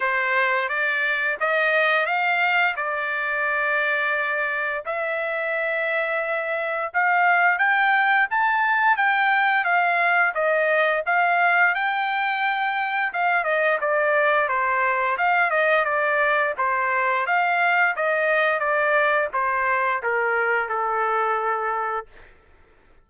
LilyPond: \new Staff \with { instrumentName = "trumpet" } { \time 4/4 \tempo 4 = 87 c''4 d''4 dis''4 f''4 | d''2. e''4~ | e''2 f''4 g''4 | a''4 g''4 f''4 dis''4 |
f''4 g''2 f''8 dis''8 | d''4 c''4 f''8 dis''8 d''4 | c''4 f''4 dis''4 d''4 | c''4 ais'4 a'2 | }